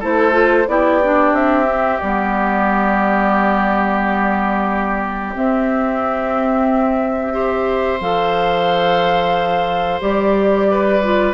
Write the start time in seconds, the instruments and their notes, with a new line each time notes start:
0.00 bassoon A3, clarinet E4, oboe A4, flute C5
0.31 clarinet F4
0.67 bassoon B3, clarinet E4, oboe G4, flute D5
1.04 clarinet D4
1.33 bassoon C4, flute E5
1.66 clarinet C4
2.00 bassoon G3, clarinet B3, flute D5
5.34 clarinet C4, bassoon C4, flute E5
7.32 clarinet G4, oboe C5
8.01 bassoon F3, clarinet A4, flute F5
10.01 bassoon G3, clarinet G4, flute D5
10.71 oboe B4
11.03 clarinet F4